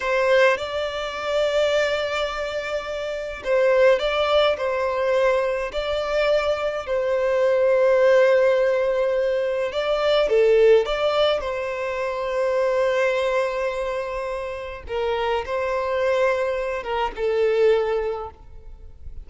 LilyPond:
\new Staff \with { instrumentName = "violin" } { \time 4/4 \tempo 4 = 105 c''4 d''2.~ | d''2 c''4 d''4 | c''2 d''2 | c''1~ |
c''4 d''4 a'4 d''4 | c''1~ | c''2 ais'4 c''4~ | c''4. ais'8 a'2 | }